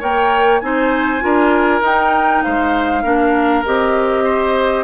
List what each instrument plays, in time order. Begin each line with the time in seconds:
0.00 bassoon A#3, clarinet A#4, oboe C#5, flute G5
0.60 bassoon C4, clarinet D#4, oboe C5, flute G#5
1.21 bassoon D4, clarinet F4, oboe A#4
1.81 bassoon D#4, clarinet D#4, flute G5
2.43 bassoon G#3, oboe C5, flute F5
3.03 bassoon A#3, clarinet D4, oboe A#4
3.65 bassoon C4, clarinet G4, flute D#5
4.24 oboe C5